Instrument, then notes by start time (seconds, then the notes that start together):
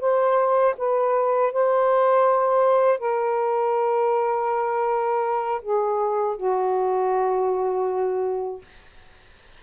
saxophone
0.00 C5
0.77 B4
1.52 C5
2.99 A#4
5.62 G#4
6.36 F#4